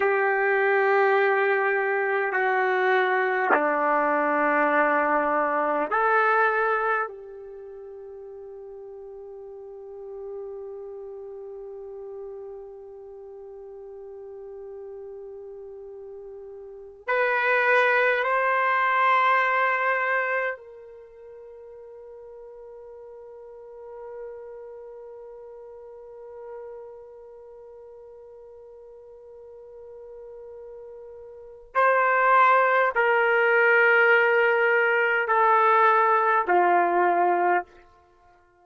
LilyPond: \new Staff \with { instrumentName = "trumpet" } { \time 4/4 \tempo 4 = 51 g'2 fis'4 d'4~ | d'4 a'4 g'2~ | g'1~ | g'2~ g'8 b'4 c''8~ |
c''4. ais'2~ ais'8~ | ais'1~ | ais'2. c''4 | ais'2 a'4 f'4 | }